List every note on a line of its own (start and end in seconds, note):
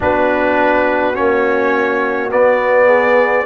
0.00 1.18 B3
0.00 1.13 D4
0.00 2.86 F#4
0.00 1.15 B4
1.13 2.32 A#3
1.13 2.29 C#4
1.13 2.30 C#5
2.31 3.46 B3
2.31 3.46 D5
2.86 3.44 G#4